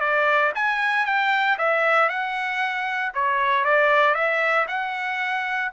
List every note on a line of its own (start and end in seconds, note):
0.00 0.52 D5
0.55 1.06 G#5
1.06 1.57 G5
1.58 2.09 E5
2.09 3.12 F#5
3.14 3.64 C#5
3.64 4.14 D5
4.14 4.66 E5
4.68 5.71 F#5